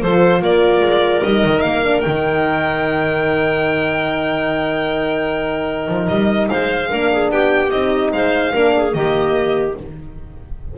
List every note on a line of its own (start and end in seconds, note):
0.00 0.41 F3
0.00 1.23 F4
0.00 0.41 A4
0.00 0.42 C5
0.41 0.80 A#3
0.41 6.49 A#4
0.41 1.23 D5
0.80 1.21 G#3
1.23 1.44 G3
1.23 1.84 D#4
1.23 1.61 D#5
1.45 1.64 D#3
1.61 2.04 A#3
1.61 2.00 F5
1.84 2.02 D4
2.00 5.88 D#3
2.00 6.89 D#4
2.00 6.06 G5
5.88 6.09 F3
6.08 6.49 G3
6.08 6.49 D#5
6.49 6.92 G#3
6.49 6.90 C5
6.49 7.30 F5
6.89 7.30 A#3
6.89 7.70 D4
6.89 7.10 A#4
7.12 7.32 G#4
7.30 7.71 B3
7.30 8.13 G4
7.30 7.71 G5
7.71 8.12 C4
7.71 8.53 D#4
7.71 8.11 D#5
8.12 8.53 G#3
8.12 8.53 C5
8.12 8.93 F5
8.53 8.94 A#3
8.53 8.92 D4
8.53 8.73 A#4
8.76 8.96 G#4
8.92 9.75 D#3
8.92 9.73 A#3
8.92 9.78 G4
8.92 9.74 D#5